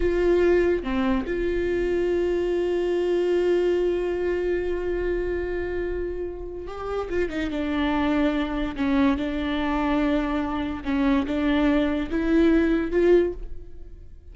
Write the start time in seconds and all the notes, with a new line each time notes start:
0.00 F4
0.83 C4
1.26 F4
6.67 G4
7.09 F4
7.29 D#4
7.50 D4
8.76 C#4
9.17 D4
10.84 C#4
11.26 D4
12.10 E4
12.91 F4